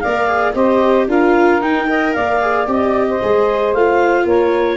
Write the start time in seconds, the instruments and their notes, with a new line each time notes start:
0.00 tuba A#3, viola A#4, saxophone D5, clarinet F5
0.28 viola G#4
0.54 tuba C4, viola G4, saxophone C5, clarinet D#5
1.08 tuba D4, viola F4, saxophone A#4, clarinet F5
1.61 viola D#4, tuba D#4, clarinet G5
1.87 viola A#4, saxophone D#5
2.13 tuba A#3, saxophone D5, clarinet F5
2.41 viola G#4
2.67 tuba C4, viola G4, clarinet D#5
3.09 saxophone C5
3.23 tuba G#3, viola G#4
3.73 tuba A3, viola F4, clarinet F5
4.25 tuba A#3, saxophone A#4, clarinet C#5